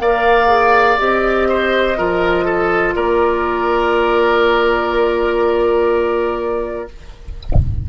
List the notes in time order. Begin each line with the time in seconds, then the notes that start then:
0.00 A#3 A#4 D5 F5
0.47 G#4
0.99 C4 G4 D#5
1.49 C5
1.97 F3 F4 A#4
2.45 A4
2.95 A#3 A#4 D5